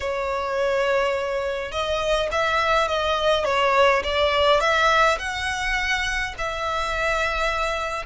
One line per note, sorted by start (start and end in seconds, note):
0.00 1.71 C#5
1.71 2.29 D#5
2.31 2.87 E5
2.87 3.45 D#5
3.45 4.02 C#5
4.03 4.60 D5
4.60 5.18 E5
5.18 6.34 F#5
6.37 8.06 E5